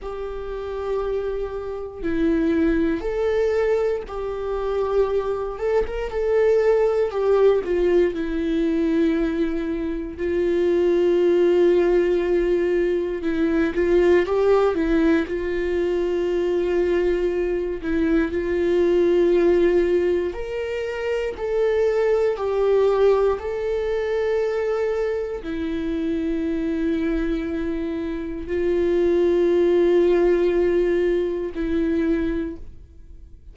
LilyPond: \new Staff \with { instrumentName = "viola" } { \time 4/4 \tempo 4 = 59 g'2 e'4 a'4 | g'4. a'16 ais'16 a'4 g'8 f'8 | e'2 f'2~ | f'4 e'8 f'8 g'8 e'8 f'4~ |
f'4. e'8 f'2 | ais'4 a'4 g'4 a'4~ | a'4 e'2. | f'2. e'4 | }